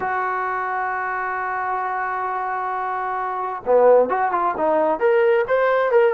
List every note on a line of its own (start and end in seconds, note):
0.00 3.62 F#4
3.65 4.09 B3
4.09 4.31 F#4
4.31 4.54 F4
4.57 4.99 D#4
4.99 5.45 A#4
5.47 5.91 C5
5.91 6.13 A#4